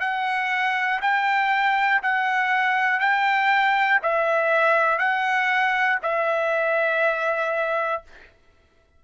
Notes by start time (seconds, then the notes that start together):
0.00 F#5
1.01 G5
2.02 F#5
3.00 G5
4.03 E5
4.99 F#5
6.03 E5